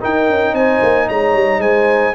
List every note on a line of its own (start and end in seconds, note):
0.00 2.15 D#4
0.00 0.29 D#4
0.00 0.54 A#4
0.00 0.55 G5
0.29 0.53 C#4
0.53 0.80 C4
0.53 1.07 C5
0.53 1.09 G#5
0.82 1.09 A#3
1.08 1.34 G#3
1.08 1.61 C#5
1.08 1.61 A#5
1.34 1.58 G3
1.58 2.12 G#3
1.58 2.14 C5
1.58 2.15 G#5